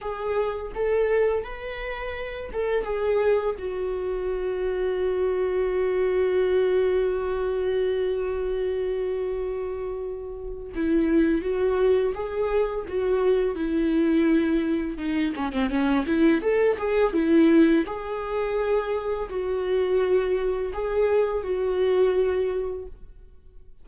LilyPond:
\new Staff \with { instrumentName = "viola" } { \time 4/4 \tempo 4 = 84 gis'4 a'4 b'4. a'8 | gis'4 fis'2.~ | fis'1~ | fis'2. e'4 |
fis'4 gis'4 fis'4 e'4~ | e'4 dis'8 cis'16 c'16 cis'8 e'8 a'8 gis'8 | e'4 gis'2 fis'4~ | fis'4 gis'4 fis'2 | }